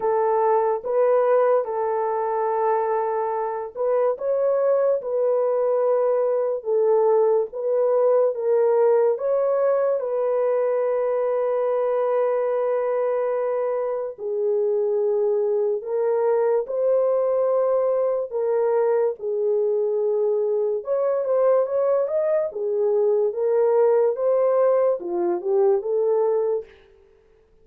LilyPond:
\new Staff \with { instrumentName = "horn" } { \time 4/4 \tempo 4 = 72 a'4 b'4 a'2~ | a'8 b'8 cis''4 b'2 | a'4 b'4 ais'4 cis''4 | b'1~ |
b'4 gis'2 ais'4 | c''2 ais'4 gis'4~ | gis'4 cis''8 c''8 cis''8 dis''8 gis'4 | ais'4 c''4 f'8 g'8 a'4 | }